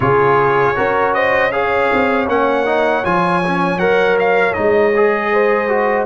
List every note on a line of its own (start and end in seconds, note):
0.00 0.73 C#3
0.00 0.75 F4
0.00 0.77 G#4
0.00 1.13 C#5
0.75 1.91 C#4
0.75 1.51 F#4
0.75 1.14 A#4
1.13 1.52 C5
1.13 1.51 D#5
1.51 2.27 G#4
1.51 5.32 C#5
1.51 2.27 F5
1.93 2.28 C4
2.27 3.03 A#3
2.27 2.65 C#4
2.27 3.04 F#5
2.65 3.03 D#4
3.04 3.78 F3
3.04 3.42 F4
3.04 3.78 G#5
3.45 3.79 C#4
3.78 4.54 F#3
3.78 4.54 A#4
3.78 4.16 F#5
4.19 4.53 F5
4.53 6.05 G#3
4.53 4.92 D#4
4.53 6.05 D#5
4.96 5.68 G#4
5.32 6.05 C5
5.68 6.05 F#4